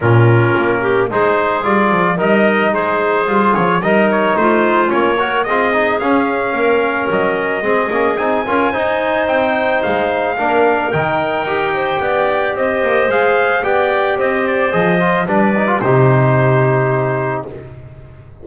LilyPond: <<
  \new Staff \with { instrumentName = "trumpet" } { \time 4/4 \tempo 4 = 110 ais'2 c''4 d''4 | dis''4 c''4. cis''8 dis''8 cis''8 | c''4 cis''4 dis''4 f''4~ | f''4 dis''2 gis''4~ |
gis''4 g''4 f''2 | g''2. dis''4 | f''4 g''4 dis''8 d''8 dis''4 | d''4 c''2. | }
  \new Staff \with { instrumentName = "clarinet" } { \time 4/4 f'4. g'8 gis'2 | ais'4 gis'2 ais'4 | f'4. ais'8 gis'2 | ais'2 gis'4. ais'8 |
c''2. ais'4~ | ais'4. c''8 d''4 c''4~ | c''4 d''4 c''2 | b'4 g'2. | }
  \new Staff \with { instrumentName = "trombone" } { \time 4/4 cis'2 dis'4 f'4 | dis'2 f'4 dis'4~ | dis'4 cis'8 fis'8 f'8 dis'8 cis'4~ | cis'2 c'8 cis'8 dis'8 f'8 |
dis'2. d'4 | dis'4 g'2. | gis'4 g'2 gis'8 f'8 | d'8 dis'16 f'16 dis'2. | }
  \new Staff \with { instrumentName = "double bass" } { \time 4/4 ais,4 ais4 gis4 g8 f8 | g4 gis4 g8 f8 g4 | a4 ais4 c'4 cis'4 | ais4 fis4 gis8 ais8 c'8 cis'8 |
dis'4 c'4 gis4 ais4 | dis4 dis'4 b4 c'8 ais8 | gis4 b4 c'4 f4 | g4 c2. | }
>>